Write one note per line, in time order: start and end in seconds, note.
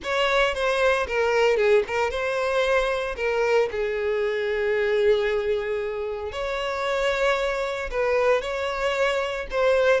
0.03 0.54 C#5
0.54 1.06 C5
1.07 1.56 A#4
1.56 1.83 G#4
1.87 2.10 A#4
2.10 3.15 C5
3.16 3.69 A#4
3.71 6.32 G#4
6.32 7.89 C#5
7.91 8.41 B4
8.41 9.46 C#5
9.50 10.00 C5